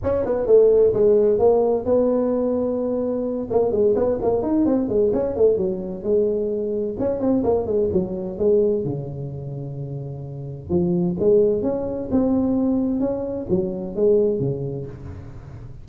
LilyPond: \new Staff \with { instrumentName = "tuba" } { \time 4/4 \tempo 4 = 129 cis'8 b8 a4 gis4 ais4 | b2.~ b8 ais8 | gis8 b8 ais8 dis'8 c'8 gis8 cis'8 a8 | fis4 gis2 cis'8 c'8 |
ais8 gis8 fis4 gis4 cis4~ | cis2. f4 | gis4 cis'4 c'2 | cis'4 fis4 gis4 cis4 | }